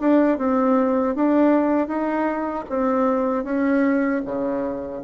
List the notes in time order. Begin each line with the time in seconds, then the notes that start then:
0.00 D4
0.38 C4
1.15 D4
1.88 D#4
2.69 C4
3.44 C#4
4.26 C#3